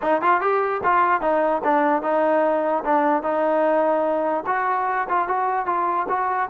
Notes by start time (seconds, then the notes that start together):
0.02 D#4
0.21 F4
0.40 G4
0.83 F4
1.21 D#4
1.64 D4
2.02 D#4
2.84 D4
3.22 D#4
4.46 F#4
5.08 F4
5.28 F#4
5.66 F4
6.08 F#4